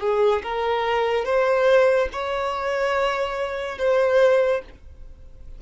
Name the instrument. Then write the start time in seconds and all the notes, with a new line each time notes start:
violin
0.00 G#4
0.43 A#4
1.25 C5
2.12 C#5
3.78 C5